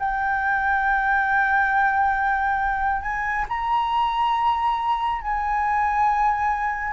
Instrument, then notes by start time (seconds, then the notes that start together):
flute
0.00 G5
3.02 G#5
3.49 A#5
5.22 G#5